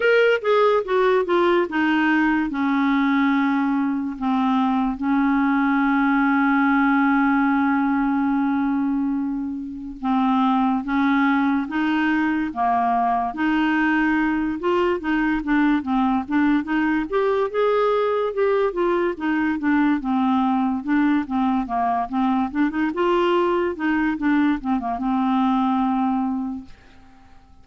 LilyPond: \new Staff \with { instrumentName = "clarinet" } { \time 4/4 \tempo 4 = 72 ais'8 gis'8 fis'8 f'8 dis'4 cis'4~ | cis'4 c'4 cis'2~ | cis'1 | c'4 cis'4 dis'4 ais4 |
dis'4. f'8 dis'8 d'8 c'8 d'8 | dis'8 g'8 gis'4 g'8 f'8 dis'8 d'8 | c'4 d'8 c'8 ais8 c'8 d'16 dis'16 f'8~ | f'8 dis'8 d'8 c'16 ais16 c'2 | }